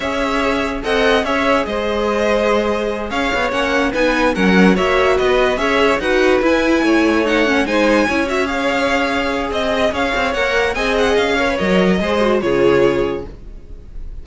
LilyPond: <<
  \new Staff \with { instrumentName = "violin" } { \time 4/4 \tempo 4 = 145 e''2 fis''4 e''4 | dis''2.~ dis''8 f''8~ | f''8 fis''4 gis''4 fis''4 e''8~ | e''8 dis''4 e''4 fis''4 gis''8~ |
gis''4. fis''4 gis''4. | e''8 f''2~ f''8 dis''4 | f''4 fis''4 gis''8 fis''8 f''4 | dis''2 cis''2 | }
  \new Staff \with { instrumentName = "violin" } { \time 4/4 cis''2 dis''4 cis''4 | c''2.~ c''8 cis''8~ | cis''4. b'4 ais'4 cis''8~ | cis''8 b'4 cis''4 b'4.~ |
b'8 cis''2 c''4 cis''8~ | cis''2. dis''4 | cis''2 dis''4. cis''8~ | cis''4 c''4 gis'2 | }
  \new Staff \with { instrumentName = "viola" } { \time 4/4 gis'2 a'4 gis'4~ | gis'1~ | gis'8 cis'4 dis'4 cis'4 fis'8~ | fis'4. gis'4 fis'4 e'8~ |
e'4. dis'8 cis'8 dis'4 e'8 | fis'8 gis'2.~ gis'8~ | gis'4 ais'4 gis'4. ais'16 b'16 | ais'4 gis'8 fis'8 f'2 | }
  \new Staff \with { instrumentName = "cello" } { \time 4/4 cis'2 c'4 cis'4 | gis2.~ gis8 cis'8 | b8 ais4 b4 fis4 ais8~ | ais8 b4 cis'4 dis'4 e'8~ |
e'8 a2 gis4 cis'8~ | cis'2. c'4 | cis'8 c'8 ais4 c'4 cis'4 | fis4 gis4 cis2 | }
>>